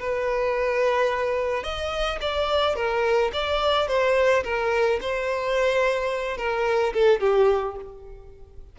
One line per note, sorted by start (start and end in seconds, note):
0.00 1.64 B4
1.64 2.19 D#5
2.21 2.76 D5
2.76 3.32 A#4
3.34 3.88 D5
3.88 4.44 C5
4.44 5.00 A#4
5.02 6.38 C5
6.38 6.93 A#4
6.94 7.21 A4
7.21 7.76 G4